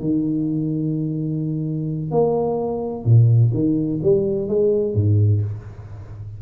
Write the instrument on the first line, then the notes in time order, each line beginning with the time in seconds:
tuba
0.00 D#3
2.11 A#3
3.05 A#2
3.54 D#3
4.02 G3
4.48 G#3
4.95 G#2